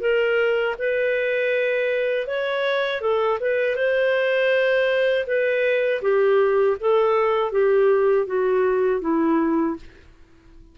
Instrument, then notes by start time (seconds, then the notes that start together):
clarinet
0.00 A#4
0.78 B4
2.27 C#5
3.01 A4
3.40 B4
3.76 C5
5.26 B4
6.02 G4
6.80 A4
7.51 G4
8.26 F#4
9.01 E4